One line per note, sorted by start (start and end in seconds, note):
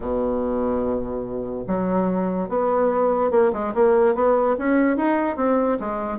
0.00 1.65 B2
1.67 2.48 F#3
2.48 3.30 B3
3.30 3.51 A#3
3.52 3.73 G#3
3.74 4.14 A#3
4.14 4.56 B3
4.58 4.97 C#4
4.97 5.36 D#4
5.36 5.77 C4
5.79 6.18 G#3